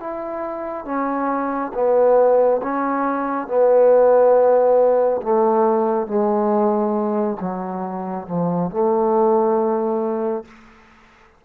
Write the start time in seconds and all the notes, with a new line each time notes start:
0.00 E4
0.85 C#4
1.74 B3
2.63 C#4
3.47 B3
5.23 A3
6.07 G#3
7.40 F#3
8.27 F3
8.71 A3